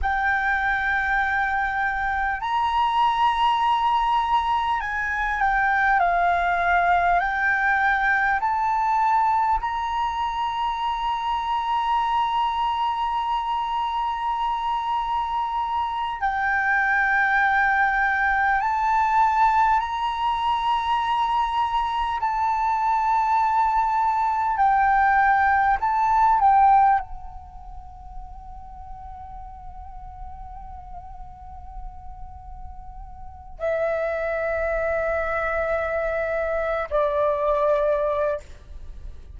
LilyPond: \new Staff \with { instrumentName = "flute" } { \time 4/4 \tempo 4 = 50 g''2 ais''2 | gis''8 g''8 f''4 g''4 a''4 | ais''1~ | ais''4. g''2 a''8~ |
a''8 ais''2 a''4.~ | a''8 g''4 a''8 g''8 fis''4.~ | fis''1 | e''2~ e''8. d''4~ d''16 | }